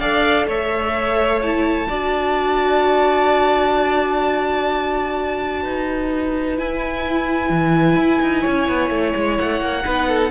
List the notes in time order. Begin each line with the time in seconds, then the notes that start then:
0.00 D4 A4 D5 F5
0.47 A3 C#5 E5
1.42 E4 A5
1.88 D4 F#4 D5
5.63 D#4 B4
6.57 E4 G#5
7.50 E3
7.96 E4
8.22 D#4
8.42 C#4 C#5
8.69 B3
8.91 A3
9.16 G#3
9.38 A3 F#5
9.61 A#3
9.84 B3 D#4 B4
10.09 A4